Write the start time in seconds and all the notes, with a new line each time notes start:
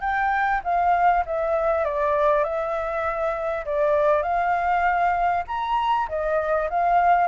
0.00 G5
0.63 F5
1.25 E5
1.84 D5
2.43 E5
3.65 D5
4.22 F5
5.47 A#5
6.08 D#5
6.70 F5